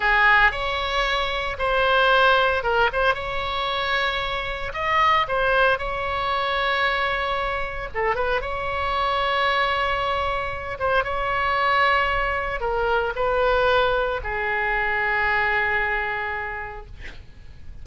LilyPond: \new Staff \with { instrumentName = "oboe" } { \time 4/4 \tempo 4 = 114 gis'4 cis''2 c''4~ | c''4 ais'8 c''8 cis''2~ | cis''4 dis''4 c''4 cis''4~ | cis''2. a'8 b'8 |
cis''1~ | cis''8 c''8 cis''2. | ais'4 b'2 gis'4~ | gis'1 | }